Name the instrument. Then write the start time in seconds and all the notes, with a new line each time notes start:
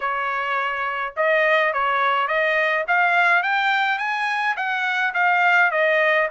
trumpet
0.00 C#5
1.16 D#5
1.73 C#5
2.27 D#5
2.87 F5
3.42 G5
3.98 G#5
4.56 F#5
5.14 F5
5.71 D#5